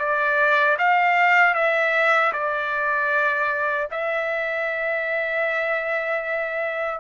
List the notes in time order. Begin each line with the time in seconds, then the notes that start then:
0.00 D5
0.79 F5
1.55 E5
2.33 D5
3.92 E5